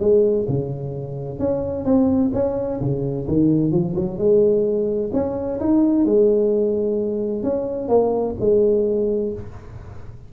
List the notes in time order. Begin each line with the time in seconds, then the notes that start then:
0.00 G#3
0.48 C#3
1.39 C#4
1.85 C4
2.34 C#4
2.80 C#3
3.28 D#3
3.71 F3
3.95 F#3
4.18 G#3
5.13 C#4
5.60 D#4
6.05 G#3
7.43 C#4
7.88 A#3
8.40 G#3